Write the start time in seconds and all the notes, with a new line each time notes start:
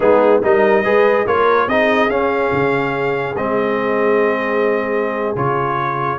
0.00 G#3 B3 D#4 G#4
0.42 G3 D#4 A#4 D#5
0.84 G#3 G#4 B4
1.26 A#3 F4 A#4 C#5
1.67 C4 D#4 G#4 D#5
2.09 C#4 F5
2.52 C#3
3.36 G#3 C4 D#5
5.35 C#3 F4 C#5